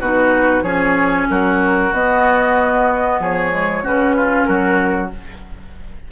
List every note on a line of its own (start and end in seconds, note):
0.00 0.62 B2
0.00 0.65 D#4
0.00 0.63 F#4
0.00 0.63 B4
0.62 1.26 F3
0.62 1.93 C#4
0.62 1.27 G#4
0.62 1.26 C#5
1.29 1.92 F#3
1.29 3.20 F#4
1.29 1.93 A#4
1.92 3.19 B3
1.92 3.51 B3
1.92 3.21 D#5
3.19 3.83 F3
3.19 3.83 G#4
3.19 3.86 C#5
3.51 3.82 G#3
3.83 4.48 C#3
3.83 5.11 C#4
3.83 4.15 F#4
3.83 4.44 B4
4.17 4.48 F4
4.44 5.12 F#3
4.44 5.12 F#4
4.44 5.08 A#4